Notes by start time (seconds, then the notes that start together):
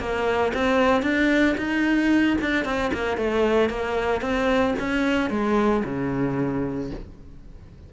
0.00 A#3
0.54 C4
1.03 D4
1.58 D#4
2.42 D4
2.65 C4
2.94 A#3
3.18 A3
3.70 A#3
4.22 C4
4.80 C#4
5.31 G#3
5.85 C#3